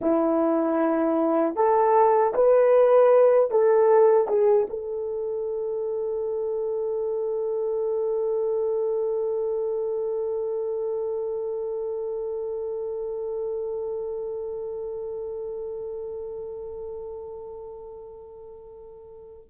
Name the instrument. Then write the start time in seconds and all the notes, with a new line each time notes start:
horn
0.01 E4
1.55 A4
2.34 B4
3.50 A4
4.28 G#4
4.69 A4